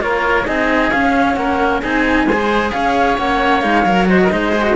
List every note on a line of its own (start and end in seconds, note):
0.00 0.47 A#3
0.00 0.45 F4
0.00 0.47 A#4
0.00 0.46 C#5
0.47 0.91 C4
0.47 0.92 D#4
0.47 1.37 G#4
0.47 0.91 D#5
0.91 1.36 C#4
0.91 1.82 C#4
0.91 1.34 F5
1.34 1.81 A#3
1.34 1.82 A#4
1.34 1.79 F#5
1.82 2.26 C4
1.82 2.27 D#4
1.82 2.27 G#4
1.82 2.71 G#5
2.26 2.71 G#3
2.26 2.72 C5
2.32 3.18 G#4
2.71 3.18 C#4
2.71 4.09 C#5
2.71 3.17 F5
3.17 3.63 A#3
3.17 3.62 C#4
3.17 3.61 F#5
3.61 3.85 G#3
3.61 3.84 D#4
3.61 4.06 F5
3.85 4.30 F#3
3.85 4.06 A#4
4.06 4.29 F#4
4.06 4.20 C5
4.06 4.75 D#5
4.23 4.32 A#4
4.30 4.75 G#3
4.30 4.52 D#4
4.30 4.75 C5
4.52 4.62 G#4
4.62 4.74 F#4